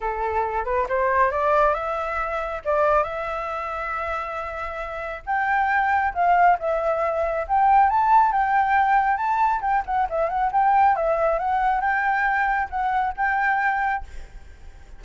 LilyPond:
\new Staff \with { instrumentName = "flute" } { \time 4/4 \tempo 4 = 137 a'4. b'8 c''4 d''4 | e''2 d''4 e''4~ | e''1 | g''2 f''4 e''4~ |
e''4 g''4 a''4 g''4~ | g''4 a''4 g''8 fis''8 e''8 fis''8 | g''4 e''4 fis''4 g''4~ | g''4 fis''4 g''2 | }